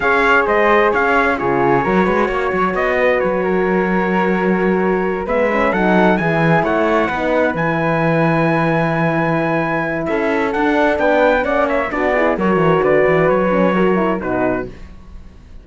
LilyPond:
<<
  \new Staff \with { instrumentName = "trumpet" } { \time 4/4 \tempo 4 = 131 f''4 dis''4 f''4 cis''4~ | cis''2 dis''4 cis''4~ | cis''2.~ cis''8 e''8~ | e''8 fis''4 gis''4 fis''4.~ |
fis''8 gis''2.~ gis''8~ | gis''2 e''4 fis''4 | g''4 fis''8 e''8 d''4 cis''4 | d''4 cis''2 b'4 | }
  \new Staff \with { instrumentName = "flute" } { \time 4/4 cis''4 c''4 cis''4 gis'4 | ais'8 b'8 cis''4. b'4 ais'8~ | ais'2.~ ais'8 b'8~ | b'8 a'4 gis'4 cis''4 b'8~ |
b'1~ | b'2 a'2 | b'4 d''8 cis''8 fis'8 gis'8 ais'4 | b'2 ais'4 fis'4 | }
  \new Staff \with { instrumentName = "horn" } { \time 4/4 gis'2. f'4 | fis'1~ | fis'2.~ fis'8 b8 | cis'8 dis'4 e'2 dis'8~ |
dis'8 e'2.~ e'8~ | e'2. d'4~ | d'4 cis'4 d'8 e'8 fis'4~ | fis'4. cis'8 fis'8 e'8 dis'4 | }
  \new Staff \with { instrumentName = "cello" } { \time 4/4 cis'4 gis4 cis'4 cis4 | fis8 gis8 ais8 fis8 b4 fis4~ | fis2.~ fis8 gis8~ | gis8 fis4 e4 a4 b8~ |
b8 e2.~ e8~ | e2 cis'4 d'4 | b4 ais4 b4 fis8 e8 | d8 e8 fis2 b,4 | }
>>